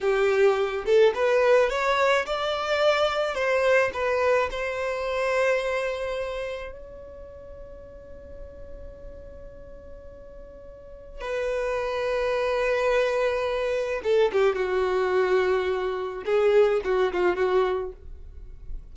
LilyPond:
\new Staff \with { instrumentName = "violin" } { \time 4/4 \tempo 4 = 107 g'4. a'8 b'4 cis''4 | d''2 c''4 b'4 | c''1 | cis''1~ |
cis''1 | b'1~ | b'4 a'8 g'8 fis'2~ | fis'4 gis'4 fis'8 f'8 fis'4 | }